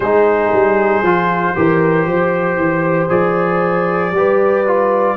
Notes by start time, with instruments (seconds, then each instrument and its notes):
0.00 tuba G#3, trombone D#4, horn G#4, trumpet C5
0.52 tuba G3
1.02 tuba F3, trombone F4
1.56 tuba E3, trombone G4, horn A#4
2.06 tuba F3, horn C5
2.56 tuba E3
3.09 tuba F3, trombone G#4, trumpet D5
4.11 tuba G3, trombone G4, horn B4
4.66 trombone F4